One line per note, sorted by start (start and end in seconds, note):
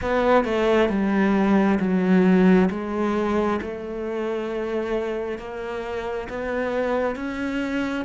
0.01 0.44 B3
0.44 0.89 A3
0.89 1.79 G3
1.79 2.69 F#3
2.70 3.60 G#3
3.61 5.38 A3
5.38 6.27 A#3
6.29 7.15 B3
7.15 8.05 C#4